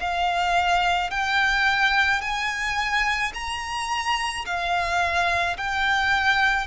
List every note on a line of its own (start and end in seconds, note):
0.00 1.11 F5
1.11 2.21 G5
2.21 3.32 G#5
3.34 4.45 A#5
4.46 5.57 F5
5.57 6.67 G5